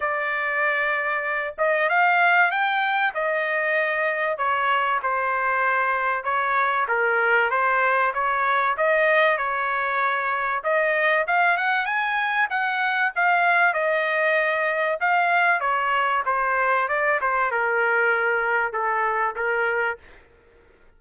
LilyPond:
\new Staff \with { instrumentName = "trumpet" } { \time 4/4 \tempo 4 = 96 d''2~ d''8 dis''8 f''4 | g''4 dis''2 cis''4 | c''2 cis''4 ais'4 | c''4 cis''4 dis''4 cis''4~ |
cis''4 dis''4 f''8 fis''8 gis''4 | fis''4 f''4 dis''2 | f''4 cis''4 c''4 d''8 c''8 | ais'2 a'4 ais'4 | }